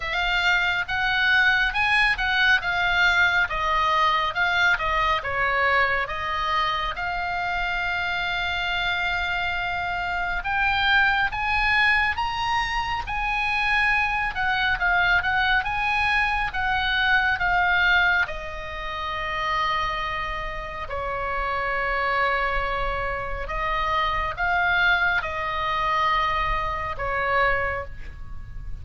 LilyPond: \new Staff \with { instrumentName = "oboe" } { \time 4/4 \tempo 4 = 69 f''4 fis''4 gis''8 fis''8 f''4 | dis''4 f''8 dis''8 cis''4 dis''4 | f''1 | g''4 gis''4 ais''4 gis''4~ |
gis''8 fis''8 f''8 fis''8 gis''4 fis''4 | f''4 dis''2. | cis''2. dis''4 | f''4 dis''2 cis''4 | }